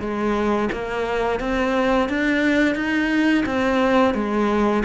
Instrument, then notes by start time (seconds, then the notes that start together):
cello
0.00 G#3
0.72 A#3
1.40 C4
2.09 D4
2.75 D#4
3.46 C4
4.14 G#3